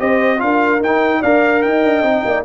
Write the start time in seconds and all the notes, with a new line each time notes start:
0.00 C4 G4 C5 D#5
0.38 D4 F4 A#4 F5
0.80 D#4 G5
0.87 D#4
1.20 D4 A#4 D5 F5
1.62 D#4 D#5 G5
1.84 D4
2.02 C4 D#4
2.25 A#3 D5